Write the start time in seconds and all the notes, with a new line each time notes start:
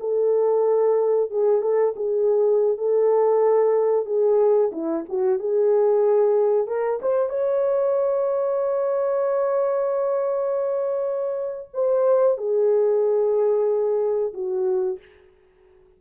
0.00 A4
1.30 G#4
1.62 A4
1.96 G#4
2.77 A4
4.06 G#4
4.72 E4
5.09 F#4
5.39 G#4
6.67 A#4
7.02 C5
7.29 C#5
11.74 C5
12.38 G#4
14.34 F#4